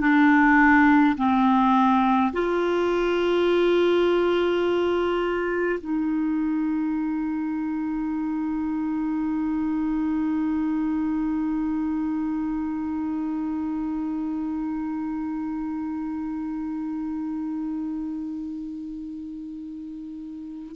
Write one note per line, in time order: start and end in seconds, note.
0.00 1.15 D4
1.16 2.32 C4
2.33 5.79 F4
5.80 20.76 D#4